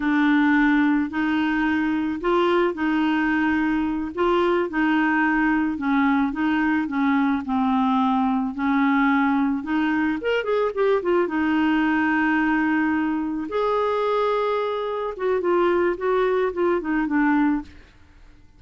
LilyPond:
\new Staff \with { instrumentName = "clarinet" } { \time 4/4 \tempo 4 = 109 d'2 dis'2 | f'4 dis'2~ dis'8 f'8~ | f'8 dis'2 cis'4 dis'8~ | dis'8 cis'4 c'2 cis'8~ |
cis'4. dis'4 ais'8 gis'8 g'8 | f'8 dis'2.~ dis'8~ | dis'8 gis'2. fis'8 | f'4 fis'4 f'8 dis'8 d'4 | }